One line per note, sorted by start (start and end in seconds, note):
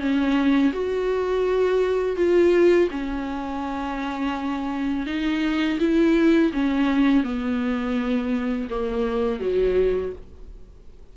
0.00 0.72 C#4
0.73 2.17 F#4
2.17 2.89 F4
2.91 5.07 C#4
5.07 5.79 D#4
5.80 6.53 E4
6.53 7.24 C#4
7.24 8.69 B3
8.70 9.40 A#3
9.40 10.13 F#3